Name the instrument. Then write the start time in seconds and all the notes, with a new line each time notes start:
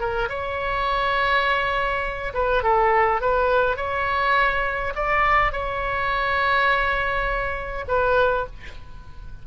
oboe
0.00 A#4
0.30 C#5
2.34 B4
2.64 A4
3.21 B4
3.77 C#5
4.96 D5
5.53 C#5
7.88 B4